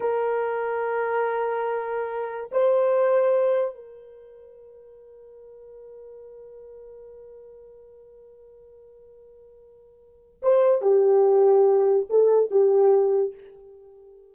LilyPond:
\new Staff \with { instrumentName = "horn" } { \time 4/4 \tempo 4 = 144 ais'1~ | ais'2 c''2~ | c''4 ais'2.~ | ais'1~ |
ais'1~ | ais'1~ | ais'4 c''4 g'2~ | g'4 a'4 g'2 | }